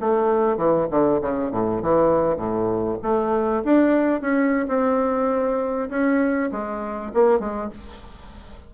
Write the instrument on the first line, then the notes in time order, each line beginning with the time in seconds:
bassoon
0.00 A3
0.57 E3
0.91 D3
1.22 C#3
1.52 A2
1.82 E3
2.37 A2
3.02 A3
3.64 D4
4.21 C#4
4.68 C4
5.90 C#4
6.52 G#3
7.14 A#3
7.40 G#3